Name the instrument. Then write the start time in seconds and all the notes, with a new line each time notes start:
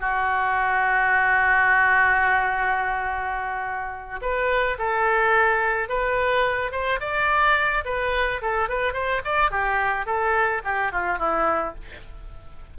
oboe
0.00 F#4
4.22 B4
4.79 A4
5.89 B4
6.72 C5
7.00 D5
7.85 B4
8.42 A4
8.69 B4
8.94 C5
9.24 D5
9.51 G4
10.06 A4
10.64 G4
10.92 F4
11.18 E4